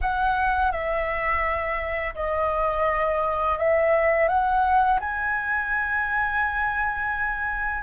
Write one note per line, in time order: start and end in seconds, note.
0.01 0.71 F#5
0.71 2.14 E5
2.15 3.57 D#5
3.58 4.28 E5
4.28 4.99 F#5
4.99 7.83 G#5